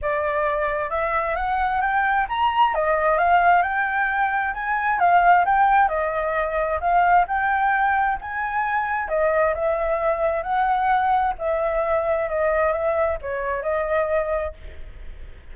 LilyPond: \new Staff \with { instrumentName = "flute" } { \time 4/4 \tempo 4 = 132 d''2 e''4 fis''4 | g''4 ais''4 dis''4 f''4 | g''2 gis''4 f''4 | g''4 dis''2 f''4 |
g''2 gis''2 | dis''4 e''2 fis''4~ | fis''4 e''2 dis''4 | e''4 cis''4 dis''2 | }